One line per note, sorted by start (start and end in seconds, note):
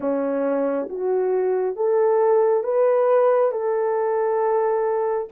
0.00 0.88 C#4
0.89 1.76 F#4
1.76 2.63 A4
2.63 3.51 B4
3.51 5.27 A4